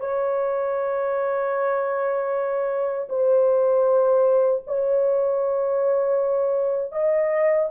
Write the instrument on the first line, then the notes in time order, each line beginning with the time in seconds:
horn
0.00 C#5
3.09 C5
4.67 C#5
6.92 D#5